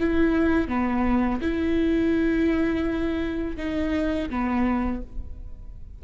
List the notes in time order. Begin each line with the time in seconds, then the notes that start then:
0.00 E4
0.68 B3
1.41 E4
3.57 D#4
4.29 B3